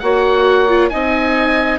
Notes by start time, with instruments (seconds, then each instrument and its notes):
0.00 bassoon A#3, viola F#4, saxophone C#5, oboe F#5
0.69 viola F4
0.90 bassoon C4, viola D#4, saxophone D#5, oboe G#5